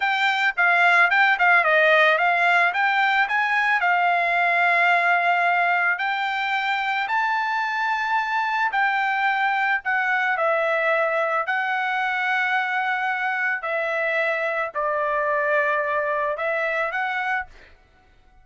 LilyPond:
\new Staff \with { instrumentName = "trumpet" } { \time 4/4 \tempo 4 = 110 g''4 f''4 g''8 f''8 dis''4 | f''4 g''4 gis''4 f''4~ | f''2. g''4~ | g''4 a''2. |
g''2 fis''4 e''4~ | e''4 fis''2.~ | fis''4 e''2 d''4~ | d''2 e''4 fis''4 | }